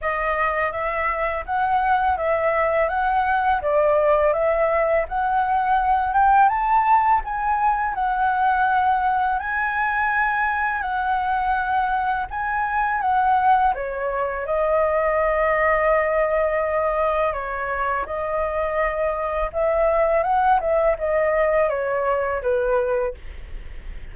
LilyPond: \new Staff \with { instrumentName = "flute" } { \time 4/4 \tempo 4 = 83 dis''4 e''4 fis''4 e''4 | fis''4 d''4 e''4 fis''4~ | fis''8 g''8 a''4 gis''4 fis''4~ | fis''4 gis''2 fis''4~ |
fis''4 gis''4 fis''4 cis''4 | dis''1 | cis''4 dis''2 e''4 | fis''8 e''8 dis''4 cis''4 b'4 | }